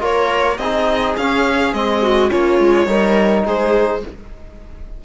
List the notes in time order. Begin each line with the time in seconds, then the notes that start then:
0.00 A#3 F4 A#4 C#5
0.57 C4 D#4 G#4 D#5
1.17 C#4 F5
1.73 G#3 C4 D#5
2.02 F#4
2.29 A#3 C#4 F4 C#5
2.59 G#3
2.86 G3 D#4 A#4
3.45 G#3 G#4 C5